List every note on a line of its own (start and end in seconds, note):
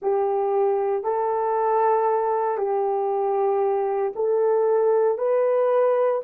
0.01 1.03 G4
1.03 2.57 A4
2.57 4.12 G4
4.15 5.18 A4
5.18 6.21 B4